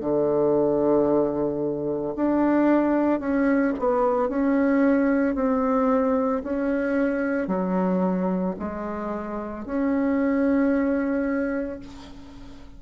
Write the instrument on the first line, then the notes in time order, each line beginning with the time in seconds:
bassoon
0.00 D3
2.16 D4
3.20 C#4
3.79 B3
4.29 C#4
5.35 C4
6.44 C#4
7.48 F#3
8.59 G#3
9.65 C#4